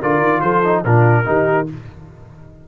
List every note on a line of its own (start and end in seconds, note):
0.00 0.17 D3
0.00 0.64 F4
0.00 0.41 A#4
0.00 0.40 D5
0.17 0.38 D#3
0.40 0.84 F3
0.40 0.82 A4
0.40 0.82 C5
0.64 0.84 D#4
0.82 1.26 A#2
0.82 1.24 D4
0.82 1.24 F4
0.82 1.67 A#4
1.24 1.68 D#3
1.24 1.66 D#4
1.24 1.68 G4